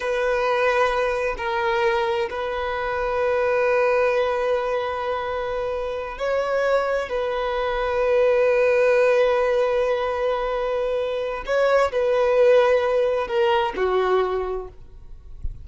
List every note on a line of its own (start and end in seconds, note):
0.00 1.35 B4
1.37 2.29 A#4
2.30 6.18 B4
6.18 7.09 C#5
7.09 11.44 B4
11.45 11.91 C#5
11.92 13.27 B4
13.27 13.73 A#4
13.76 14.68 F#4